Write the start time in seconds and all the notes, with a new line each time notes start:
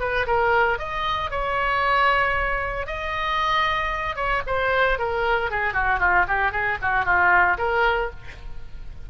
0.00 B4
0.26 A#4
0.78 D#5
1.31 C#5
2.87 D#5
4.16 C#5
4.46 C5
4.98 A#4
5.50 G#4
5.73 F#4
6.00 F4
6.28 G4
6.52 G#4
6.82 F#4
7.05 F4
7.58 A#4